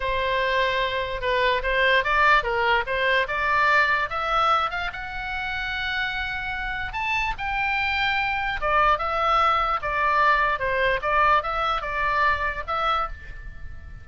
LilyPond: \new Staff \with { instrumentName = "oboe" } { \time 4/4 \tempo 4 = 147 c''2. b'4 | c''4 d''4 ais'4 c''4 | d''2 e''4. f''8 | fis''1~ |
fis''4 a''4 g''2~ | g''4 d''4 e''2 | d''2 c''4 d''4 | e''4 d''2 e''4 | }